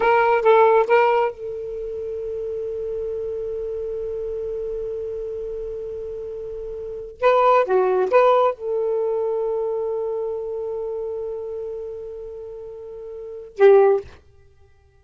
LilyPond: \new Staff \with { instrumentName = "saxophone" } { \time 4/4 \tempo 4 = 137 ais'4 a'4 ais'4 a'4~ | a'1~ | a'1~ | a'1~ |
a'8 b'4 fis'4 b'4 a'8~ | a'1~ | a'1~ | a'2. g'4 | }